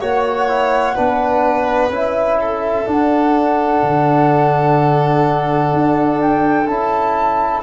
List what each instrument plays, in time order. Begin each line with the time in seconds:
0.00 tuba A#3, trombone F#4, violin C#5, flute F#5
0.49 trombone E4
0.95 tuba B3, trombone D4, violin B4
1.90 tuba C#4, trombone E4, flute E5
2.40 violin A4
2.86 trombone D4, tuba D4, flute F#5
3.83 tuba D3
5.73 tuba D4
6.21 flute G5
6.67 tuba C#4, trombone E4, flute A5